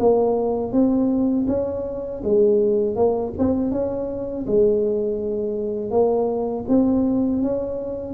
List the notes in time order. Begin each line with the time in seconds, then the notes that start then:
0.00 A#3
0.73 C4
1.48 C#4
2.25 G#3
2.96 A#3
3.38 C4
3.72 C#4
4.47 G#3
5.91 A#3
6.69 C4
7.43 C#4